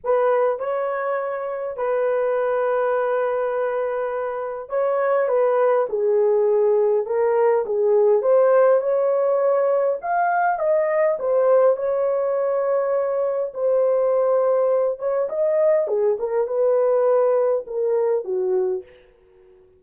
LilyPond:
\new Staff \with { instrumentName = "horn" } { \time 4/4 \tempo 4 = 102 b'4 cis''2 b'4~ | b'1 | cis''4 b'4 gis'2 | ais'4 gis'4 c''4 cis''4~ |
cis''4 f''4 dis''4 c''4 | cis''2. c''4~ | c''4. cis''8 dis''4 gis'8 ais'8 | b'2 ais'4 fis'4 | }